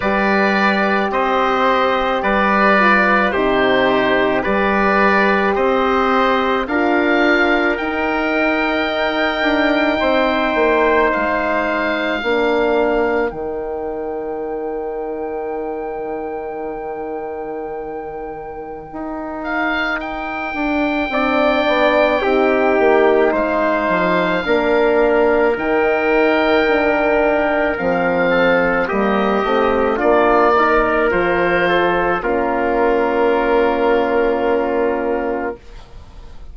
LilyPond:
<<
  \new Staff \with { instrumentName = "oboe" } { \time 4/4 \tempo 4 = 54 d''4 dis''4 d''4 c''4 | d''4 dis''4 f''4 g''4~ | g''2 f''2 | g''1~ |
g''4. f''8 g''2~ | g''4 f''2 g''4~ | g''4 f''4 dis''4 d''4 | c''4 ais'2. | }
  \new Staff \with { instrumentName = "trumpet" } { \time 4/4 b'4 c''4 b'4 g'4 | b'4 c''4 ais'2~ | ais'4 c''2 ais'4~ | ais'1~ |
ais'2. d''4 | g'4 c''4 ais'2~ | ais'4. a'8 g'4 f'8 ais'8~ | ais'8 a'8 f'2. | }
  \new Staff \with { instrumentName = "horn" } { \time 4/4 g'2~ g'8 f'8 dis'4 | g'2 f'4 dis'4~ | dis'2. d'4 | dis'1~ |
dis'2. d'4 | dis'2 d'4 dis'4 | d'4 c'4 ais8 c'8 d'8 dis'8 | f'4 cis'2. | }
  \new Staff \with { instrumentName = "bassoon" } { \time 4/4 g4 c'4 g4 c4 | g4 c'4 d'4 dis'4~ | dis'8 d'8 c'8 ais8 gis4 ais4 | dis1~ |
dis4 dis'4. d'8 c'8 b8 | c'8 ais8 gis8 f8 ais4 dis4~ | dis4 f4 g8 a8 ais4 | f4 ais2. | }
>>